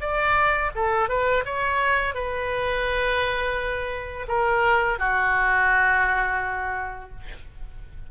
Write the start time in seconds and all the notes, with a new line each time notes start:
0.00 D5
0.75 A4
1.09 B4
1.45 C#5
2.14 B4
4.28 A#4
4.99 F#4